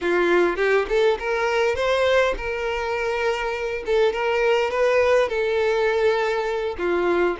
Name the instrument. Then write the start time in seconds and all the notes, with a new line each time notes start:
violin
0.01 F4
0.56 G4
0.88 A4
1.19 A#4
1.75 C5
2.37 A#4
3.86 A4
4.12 A#4
4.70 B4
5.29 A4
6.78 F4